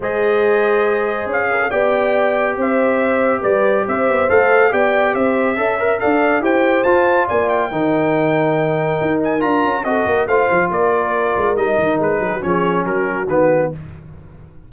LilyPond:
<<
  \new Staff \with { instrumentName = "trumpet" } { \time 4/4 \tempo 4 = 140 dis''2. f''4 | g''2 e''2 | d''4 e''4 f''4 g''4 | e''2 f''4 g''4 |
a''4 gis''8 g''2~ g''8~ | g''4. gis''8 ais''4 dis''4 | f''4 d''2 dis''4 | b'4 cis''4 ais'4 b'4 | }
  \new Staff \with { instrumentName = "horn" } { \time 4/4 c''2.~ c''8 ais'16 a'16 | d''2 c''2 | b'4 c''2 d''4 | c''4 e''4 d''4 c''4~ |
c''4 d''4 ais'2~ | ais'2. a'8 ais'8 | c''4 ais'2.~ | ais'8 gis'16 fis'16 gis'4 fis'2 | }
  \new Staff \with { instrumentName = "trombone" } { \time 4/4 gis'1 | g'1~ | g'2 a'4 g'4~ | g'4 a'8 ais'8 a'4 g'4 |
f'2 dis'2~ | dis'2 f'4 fis'4 | f'2. dis'4~ | dis'4 cis'2 b4 | }
  \new Staff \with { instrumentName = "tuba" } { \time 4/4 gis2. cis'4 | b2 c'2 | g4 c'8 b8 a4 b4 | c'4 cis'4 d'4 e'4 |
f'4 ais4 dis2~ | dis4 dis'4 d'8 cis'8 c'8 ais8 | a8 f8 ais4. gis8 g8 dis8 | gis8 fis8 f4 fis4 dis4 | }
>>